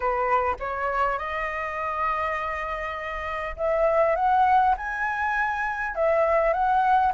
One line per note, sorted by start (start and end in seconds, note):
0.00 0.56 B4
0.59 1.18 C#5
1.18 3.56 D#5
3.56 4.15 E5
4.15 4.75 F#5
4.77 5.95 G#5
5.95 6.53 E5
6.53 7.12 F#5